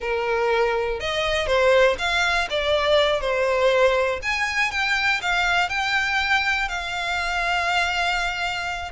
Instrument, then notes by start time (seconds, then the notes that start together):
violin
0.00 A#4
0.99 D#5
1.46 C5
1.98 F5
2.50 D5
3.21 C5
4.22 G#5
4.71 G5
5.21 F5
5.69 G5
6.68 F5